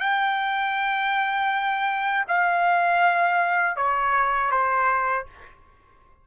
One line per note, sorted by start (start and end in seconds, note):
0.00 2.25 G5
2.28 3.77 F5
3.77 4.51 C#5
4.51 5.26 C5